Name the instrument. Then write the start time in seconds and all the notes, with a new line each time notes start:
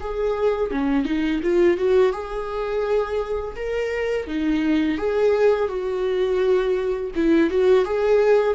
viola
0.00 G#4
0.70 C#4
1.05 D#4
1.43 F4
1.77 F#4
2.12 G#4
3.56 A#4
4.27 D#4
4.97 G#4
5.68 F#4
7.15 E4
7.50 F#4
7.84 G#4